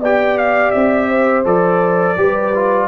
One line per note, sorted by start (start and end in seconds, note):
0.00 0.72 B3
0.00 1.45 G4
0.00 1.09 D5
0.00 0.38 G5
0.38 0.71 F5
0.71 1.45 C4
0.71 1.43 E5
1.09 2.17 C5
1.45 2.17 F3
1.45 2.17 A4
1.45 2.88 D5
2.17 2.88 G3
2.17 2.53 G4
2.17 2.88 B4
2.55 2.88 F4